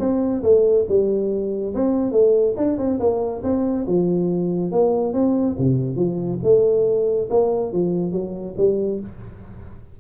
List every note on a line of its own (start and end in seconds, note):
0.00 0.43 C4
0.43 0.86 A3
0.89 1.74 G3
1.75 2.12 C4
2.12 2.55 A3
2.57 2.78 D4
2.78 3.00 C4
3.00 3.43 A#3
3.44 3.86 C4
3.87 4.72 F3
4.72 5.14 A#3
5.14 5.56 C4
5.59 5.96 C3
5.96 6.39 F3
6.43 7.29 A3
7.30 7.73 A#3
7.73 8.12 F3
8.12 8.55 F#3
8.58 9.00 G3